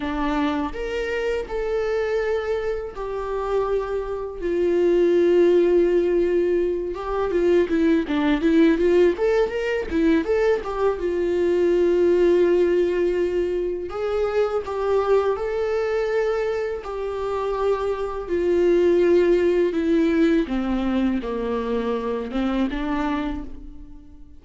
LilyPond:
\new Staff \with { instrumentName = "viola" } { \time 4/4 \tempo 4 = 82 d'4 ais'4 a'2 | g'2 f'2~ | f'4. g'8 f'8 e'8 d'8 e'8 | f'8 a'8 ais'8 e'8 a'8 g'8 f'4~ |
f'2. gis'4 | g'4 a'2 g'4~ | g'4 f'2 e'4 | c'4 ais4. c'8 d'4 | }